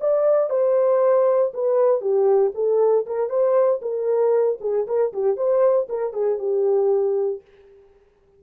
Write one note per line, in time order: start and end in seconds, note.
0.00 0.50 D5
0.50 1.52 C5
1.54 2.01 B4
2.01 2.52 G4
2.54 3.06 A4
3.06 3.29 A#4
3.29 3.81 C5
3.81 4.58 A#4
4.61 4.86 G#4
4.87 5.12 A#4
5.13 5.36 G4
5.36 5.87 C5
5.89 6.13 A#4
6.13 6.38 G#4
6.38 7.41 G4